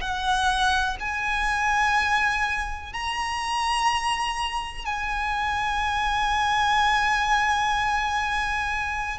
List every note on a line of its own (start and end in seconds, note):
0.00 0.97 F#5
0.99 2.93 G#5
2.93 4.85 A#5
4.85 9.18 G#5